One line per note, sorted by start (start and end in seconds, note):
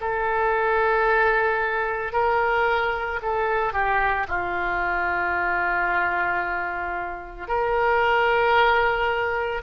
0.00 2.12 A4
2.12 3.19 A#4
3.22 3.73 A4
3.73 4.26 G4
4.28 7.48 F4
7.48 9.62 A#4